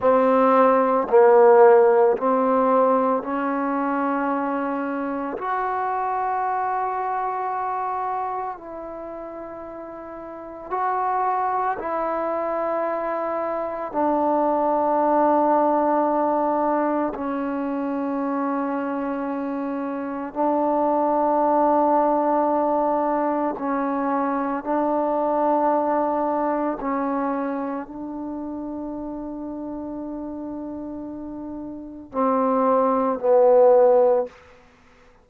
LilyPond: \new Staff \with { instrumentName = "trombone" } { \time 4/4 \tempo 4 = 56 c'4 ais4 c'4 cis'4~ | cis'4 fis'2. | e'2 fis'4 e'4~ | e'4 d'2. |
cis'2. d'4~ | d'2 cis'4 d'4~ | d'4 cis'4 d'2~ | d'2 c'4 b4 | }